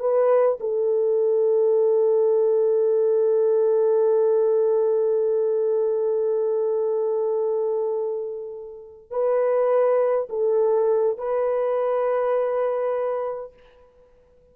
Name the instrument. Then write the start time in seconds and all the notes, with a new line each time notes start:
horn
0.00 B4
0.60 A4
9.11 B4
10.30 A4
11.18 B4